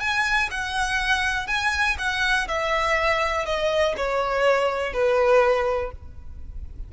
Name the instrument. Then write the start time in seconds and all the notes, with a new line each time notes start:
violin
0.00 G#5
0.51 F#5
1.48 G#5
1.99 F#5
2.48 E5
3.46 D#5
3.97 C#5
4.94 B4